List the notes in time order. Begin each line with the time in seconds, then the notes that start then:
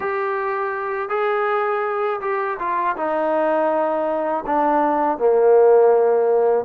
0.00 G4
1.09 G#4
2.21 G4
2.59 F4
2.96 D#4
4.46 D4
5.18 A#3